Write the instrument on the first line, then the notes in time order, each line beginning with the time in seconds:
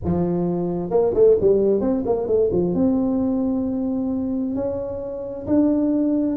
tuba
0.04 F3
0.90 A#3
1.14 A3
1.40 G3
1.81 C4
2.05 A#3
2.27 A3
2.51 F3
2.74 C4
4.55 C#4
5.46 D4